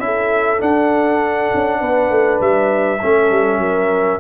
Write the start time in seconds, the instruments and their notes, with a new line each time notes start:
0.00 tuba C#4, trombone E4, horn A4, trumpet E5
0.59 trombone D4, tuba D4, trumpet F#5
1.55 tuba C#4
1.80 tuba B3, horn B4
2.10 tuba A3
2.41 tuba G3, trumpet E5
3.02 tuba A3, trombone C#4, horn A4
3.31 tuba G3
3.59 tuba F#3, horn A#4